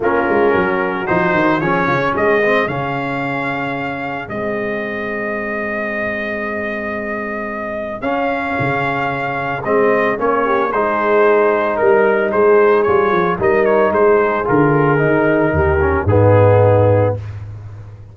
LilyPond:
<<
  \new Staff \with { instrumentName = "trumpet" } { \time 4/4 \tempo 4 = 112 ais'2 c''4 cis''4 | dis''4 f''2. | dis''1~ | dis''2. f''4~ |
f''2 dis''4 cis''4 | c''2 ais'4 c''4 | cis''4 dis''8 cis''8 c''4 ais'4~ | ais'2 gis'2 | }
  \new Staff \with { instrumentName = "horn" } { \time 4/4 f'4 fis'2 gis'8 f'16 gis'16~ | gis'1~ | gis'1~ | gis'1~ |
gis'2.~ gis'8 g'8 | gis'2 ais'4 gis'4~ | gis'4 ais'4 gis'2~ | gis'4 g'4 dis'2 | }
  \new Staff \with { instrumentName = "trombone" } { \time 4/4 cis'2 dis'4 cis'4~ | cis'8 c'8 cis'2. | c'1~ | c'2. cis'4~ |
cis'2 c'4 cis'4 | dis'1 | f'4 dis'2 f'4 | dis'4. cis'8 b2 | }
  \new Staff \with { instrumentName = "tuba" } { \time 4/4 ais8 gis8 fis4 f8 dis8 f8 cis8 | gis4 cis2. | gis1~ | gis2. cis'4 |
cis2 gis4 ais4 | gis2 g4 gis4 | g8 f8 g4 gis4 d4 | dis4 dis,4 gis,2 | }
>>